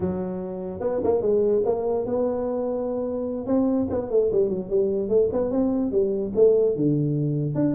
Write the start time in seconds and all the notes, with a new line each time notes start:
0.00 F#3
0.80 B3
1.03 A#3
1.21 G#3
1.65 A#3
2.05 B3
3.46 C4
3.90 B3
4.10 A3
4.32 G3
4.49 F#3
4.69 G3
5.08 A3
5.32 B3
5.50 C4
5.91 G3
6.35 A3
6.76 D3
7.54 D4